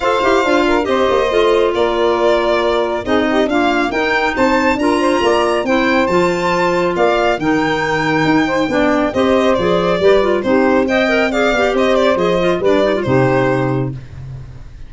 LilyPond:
<<
  \new Staff \with { instrumentName = "violin" } { \time 4/4 \tempo 4 = 138 f''2 dis''2 | d''2. dis''4 | f''4 g''4 a''4 ais''4~ | ais''4 g''4 a''2 |
f''4 g''2.~ | g''4 dis''4 d''2 | c''4 g''4 f''4 dis''8 d''8 | dis''4 d''4 c''2 | }
  \new Staff \with { instrumentName = "saxophone" } { \time 4/4 c''4. ais'8 c''2 | ais'2. gis'8 g'8 | f'4 ais'4 c''4 ais'8 c''8 | d''4 c''2. |
d''4 ais'2~ ais'8 c''8 | d''4 c''2 b'4 | g'4 dis''4 d''4 c''4~ | c''4 b'4 g'2 | }
  \new Staff \with { instrumentName = "clarinet" } { \time 4/4 a'8 g'8 f'4 g'4 f'4~ | f'2. dis'4 | ais4 dis'2 f'4~ | f'4 e'4 f'2~ |
f'4 dis'2. | d'4 g'4 gis'4 g'8 f'8 | dis'4 c''8 ais'8 gis'8 g'4. | gis'8 f'8 d'8 dis'16 f'16 dis'2 | }
  \new Staff \with { instrumentName = "tuba" } { \time 4/4 f'8 e'8 d'4 c'8 ais8 a4 | ais2. c'4 | d'4 dis'4 c'4 d'4 | ais4 c'4 f2 |
ais4 dis2 dis'4 | b4 c'4 f4 g4 | c'2~ c'8 b8 c'4 | f4 g4 c2 | }
>>